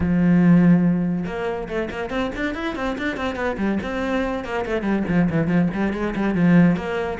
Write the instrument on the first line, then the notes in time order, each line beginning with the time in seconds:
cello
0.00 F3
1.26 A#3
1.68 A3
1.90 A#3
2.10 C4
2.35 D4
2.54 E4
2.75 C4
2.98 D4
3.17 C4
3.35 B3
3.57 G3
3.82 C4
4.44 A#3
4.65 A3
4.82 G3
5.07 F3
5.30 E3
5.47 F3
5.73 G3
5.93 G#3
6.15 G3
6.34 F3
6.76 A#3